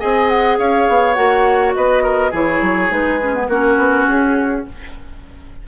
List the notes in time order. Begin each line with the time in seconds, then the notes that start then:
0.00 C4 G#4 D#5 G#5
0.29 F#5
0.59 C#4 C#5 F5
0.89 B3
1.14 A#3 F#4 F#5
1.75 B3 B4 D#5
2.04 A#4
2.31 E3 E4 G#4 C#5
2.62 F#3
2.90 G#3 D#4 B4
3.23 C#4
3.35 B3
3.48 A#3 C#4 F#4 A#4
3.78 B3
4.08 C#4 G#4